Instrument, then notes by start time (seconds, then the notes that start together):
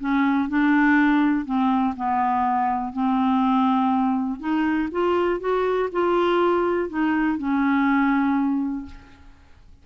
clarinet
0.00 C#4
0.49 D4
1.46 C4
1.97 B3
2.93 C4
4.40 D#4
4.92 F4
5.40 F#4
5.92 F4
6.90 D#4
7.39 C#4